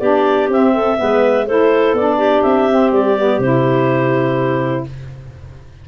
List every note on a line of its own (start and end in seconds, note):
0.00 0.49 B3
0.00 0.50 D4
0.00 0.73 G4
0.00 0.48 D5
0.49 0.97 C4
0.49 1.47 E5
0.73 0.97 A4
0.97 1.49 G#3
0.97 1.46 B3
0.97 1.46 B4
1.46 1.93 A3
1.46 1.97 E4
1.46 2.18 A4
1.46 1.95 C5
1.93 2.42 B3
1.93 2.70 D4
1.93 2.42 D5
2.18 4.84 G4
2.42 2.92 C4
2.42 2.91 E5
2.71 3.19 C4
2.92 3.39 G3
2.92 3.40 D5
3.19 3.43 B3
3.39 4.84 C3
3.39 4.88 E4
3.39 4.85 C5